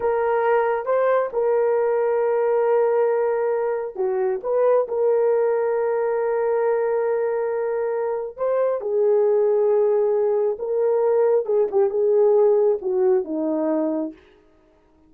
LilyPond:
\new Staff \with { instrumentName = "horn" } { \time 4/4 \tempo 4 = 136 ais'2 c''4 ais'4~ | ais'1~ | ais'4 fis'4 b'4 ais'4~ | ais'1~ |
ais'2. c''4 | gis'1 | ais'2 gis'8 g'8 gis'4~ | gis'4 fis'4 dis'2 | }